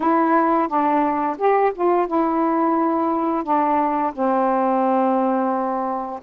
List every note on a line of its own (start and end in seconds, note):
0.00 0.67 E4
0.67 1.36 D4
1.38 1.72 G4
1.74 2.07 F4
2.07 3.43 E4
3.43 4.12 D4
4.13 6.19 C4